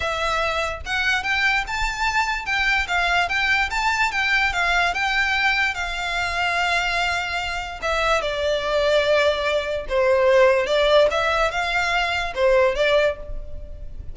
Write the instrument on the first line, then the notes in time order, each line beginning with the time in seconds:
violin
0.00 E5
0.85 F#5
1.23 G5
1.67 A5
2.45 G5
2.87 F5
3.28 G5
3.70 A5
4.11 G5
4.52 F5
4.94 G5
5.74 F5
7.82 E5
8.21 D5
9.89 C5
10.66 D5
11.10 E5
11.51 F5
12.34 C5
12.75 D5